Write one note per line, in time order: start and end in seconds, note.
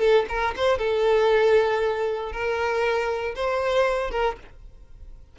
0.00 0.26 A4
0.29 0.54 A#4
0.56 0.79 C5
0.79 2.32 A4
2.32 3.35 A#4
3.35 4.11 C5
4.11 4.37 A#4